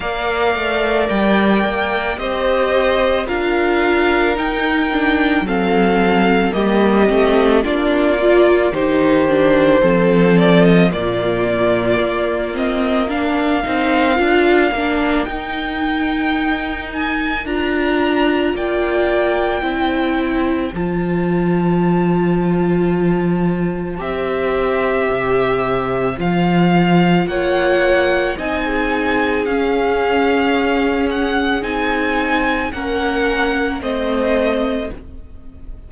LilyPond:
<<
  \new Staff \with { instrumentName = "violin" } { \time 4/4 \tempo 4 = 55 f''4 g''4 dis''4 f''4 | g''4 f''4 dis''4 d''4 | c''4. d''16 dis''16 d''4. dis''8 | f''2 g''4. gis''8 |
ais''4 g''2 a''4~ | a''2 e''2 | f''4 fis''4 gis''4 f''4~ | f''8 fis''8 gis''4 fis''4 dis''4 | }
  \new Staff \with { instrumentName = "violin" } { \time 4/4 d''2 c''4 ais'4~ | ais'4 a'4 g'4 f'4 | g'4 a'4 f'2 | ais'1~ |
ais'4 d''4 c''2~ | c''1~ | c''4 cis''4 dis''16 gis'4.~ gis'16~ | gis'2 ais'4 c''4 | }
  \new Staff \with { instrumentName = "viola" } { \time 4/4 ais'2 g'4 f'4 | dis'8 d'8 c'4 ais8 c'8 d'8 f'8 | dis'8 d'8 c'4 ais4. c'8 | d'8 dis'8 f'8 d'8 dis'2 |
f'2 e'4 f'4~ | f'2 g'2 | f'2 dis'4 cis'4~ | cis'4 dis'4 cis'4 c'4 | }
  \new Staff \with { instrumentName = "cello" } { \time 4/4 ais8 a8 g8 ais8 c'4 d'4 | dis'4 fis4 g8 a8 ais4 | dis4 f4 ais,4 ais4~ | ais8 c'8 d'8 ais8 dis'2 |
d'4 ais4 c'4 f4~ | f2 c'4 c4 | f4 ais4 c'4 cis'4~ | cis'4 c'4 ais4 a4 | }
>>